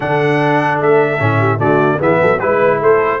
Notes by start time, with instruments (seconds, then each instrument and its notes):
0.00 tuba D3, trombone D4, horn A4, trumpet F#5
0.80 tuba A3, trumpet E5
1.18 tuba A2, trombone C#4
1.38 horn G4
1.58 tuba D3, trombone A3, horn F#4, trumpet D5
1.98 tuba E3, trombone B3, horn G#4, trumpet E5
2.21 tuba F#3, horn A4
2.39 tuba G#3, trombone E4, trumpet B4, horn B4
2.80 tuba A3, horn A4, trumpet C5